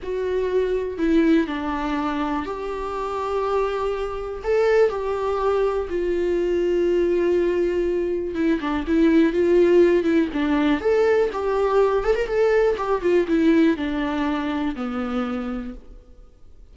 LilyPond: \new Staff \with { instrumentName = "viola" } { \time 4/4 \tempo 4 = 122 fis'2 e'4 d'4~ | d'4 g'2.~ | g'4 a'4 g'2 | f'1~ |
f'4 e'8 d'8 e'4 f'4~ | f'8 e'8 d'4 a'4 g'4~ | g'8 a'16 ais'16 a'4 g'8 f'8 e'4 | d'2 b2 | }